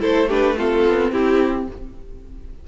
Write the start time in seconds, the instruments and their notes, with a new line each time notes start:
0.00 cello A3, viola E4, violin A4 C5
0.29 viola D4, violin G4 B4
0.57 viola C4, violin F4 A4
0.87 cello B3
1.12 cello C4, violin E4 G4